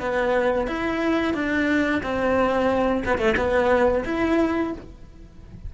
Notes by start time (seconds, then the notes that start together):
0.00 B3
0.67 E4
1.34 D4
2.03 C4
3.05 B3
3.18 A3
3.37 B3
4.05 E4